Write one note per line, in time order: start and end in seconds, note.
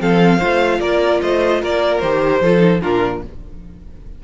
0.00 0.41 F3
0.00 0.40 C4
0.00 0.39 A4
0.00 0.80 F5
0.39 0.80 A3
0.39 2.02 F4
0.39 0.79 C5
0.80 1.21 A#3
0.80 1.21 A#4
0.80 1.21 D5
1.22 1.63 A3
1.22 1.62 C5
1.22 1.62 D#5
1.62 2.03 A#3
1.62 2.42 A#4
1.62 2.00 D5
2.00 2.42 D#3
2.00 2.44 G4
2.00 2.81 C5
2.42 2.82 F3
2.42 2.59 F4
2.42 2.82 A4
2.59 2.79 D#4
2.82 3.25 A#2
2.82 3.24 D4
2.82 3.22 F4
2.82 3.23 A#4